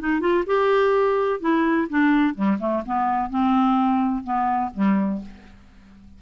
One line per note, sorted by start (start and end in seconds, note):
0.00 0.21 D#4
0.21 0.44 F4
0.46 1.41 G4
1.41 1.88 E4
1.90 2.35 D4
2.35 2.58 G3
2.60 2.83 A3
2.86 3.30 B3
3.30 4.24 C4
4.24 4.71 B3
4.75 5.22 G3